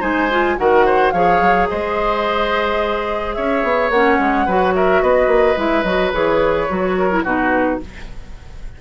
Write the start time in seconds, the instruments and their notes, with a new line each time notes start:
0.00 bassoon G#3, clarinet D#4, oboe C5, flute G#5
0.31 clarinet F4
0.58 bassoon D#3, clarinet F#4, oboe A#4, flute F#5
0.86 oboe C5
1.11 bassoon F3, clarinet G#4, oboe C#5, flute F5
1.41 bassoon F#3
1.69 bassoon G#3, oboe C5, flute D#5
3.34 bassoon C#4, oboe C#5, flute E5
3.63 bassoon B3
3.90 bassoon A#3, clarinet C#4, flute F#5
4.19 bassoon G#3
4.46 bassoon F#3, clarinet F#4, oboe B4
4.75 oboe A#4, flute E5
5.02 bassoon B3, oboe B4, flute D#5
5.27 bassoon A#3
5.56 bassoon G#3, clarinet E4, flute E5
5.83 bassoon F#3, clarinet F#4, flute D#5
6.13 bassoon E3, clarinet G#4, flute C#5
6.69 bassoon F#3, clarinet F#4
6.98 oboe A#4
7.11 clarinet E4
7.24 bassoon B2, clarinet D#4, oboe F#4, flute B4